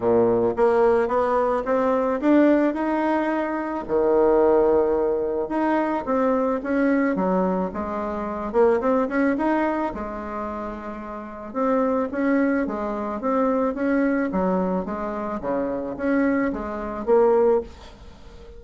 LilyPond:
\new Staff \with { instrumentName = "bassoon" } { \time 4/4 \tempo 4 = 109 ais,4 ais4 b4 c'4 | d'4 dis'2 dis4~ | dis2 dis'4 c'4 | cis'4 fis4 gis4. ais8 |
c'8 cis'8 dis'4 gis2~ | gis4 c'4 cis'4 gis4 | c'4 cis'4 fis4 gis4 | cis4 cis'4 gis4 ais4 | }